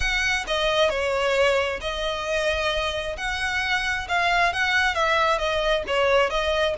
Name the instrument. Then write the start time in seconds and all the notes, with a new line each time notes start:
violin
0.00 F#5
0.47 D#5
0.89 C#5
1.80 D#5
3.17 F#5
4.08 F5
4.52 F#5
4.94 E5
5.38 D#5
5.87 C#5
6.29 D#5